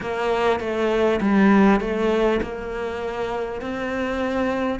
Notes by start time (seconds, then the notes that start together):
0.00 A#3
0.59 A3
1.20 G3
1.80 A3
2.42 A#3
3.61 C4